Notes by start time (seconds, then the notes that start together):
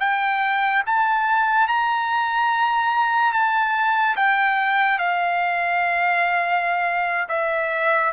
0.00 G5
0.86 A5
1.68 A#5
3.33 A5
4.16 G5
4.98 F5
7.29 E5